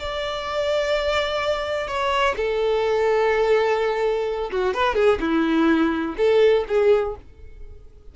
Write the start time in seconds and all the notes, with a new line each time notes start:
0.00 D5
1.88 C#5
2.37 A4
4.52 F#4
4.74 B4
4.95 G#4
5.21 E4
6.17 A4
6.68 G#4